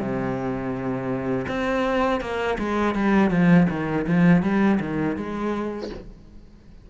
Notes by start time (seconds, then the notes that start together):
0.00 C3
1.48 C4
2.22 A#3
2.59 G#3
2.95 G3
3.31 F3
3.70 D#3
4.07 F3
4.43 G3
4.81 D#3
5.17 G#3